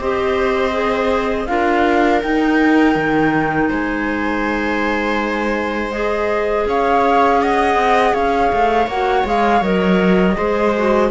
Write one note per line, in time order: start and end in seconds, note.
0.00 1.48 C4
0.00 0.72 G4
0.00 1.49 C5
0.00 1.47 D#5
0.72 1.46 G#4
1.47 2.23 D4
1.47 2.22 F4
1.47 3.70 A#4
1.47 2.21 F5
2.23 5.92 D#4
2.23 2.96 D#4
2.23 3.71 G5
2.96 3.70 D#3
3.70 6.67 G#3
3.70 6.66 C5
3.70 5.92 G#5
5.92 8.88 G#4
5.92 6.66 D#5
6.67 7.76 C#4
6.67 7.43 C#5
6.67 7.42 F5
7.42 8.14 D#5
7.42 8.14 F#5
7.76 8.13 C4
8.14 8.52 C#4
8.14 10.36 C#5
8.14 8.88 F5
8.53 8.87 A3
8.87 9.24 A#3
8.87 9.25 F#4
8.87 9.26 F#5
9.25 9.62 G#3
9.25 9.62 G#4
9.25 9.63 F5
9.62 10.36 F#3
9.62 10.36 A#4
9.62 11.11 D#5
10.36 11.12 G#3
10.36 10.73 G#4
10.36 11.11 C5
10.78 11.12 F#4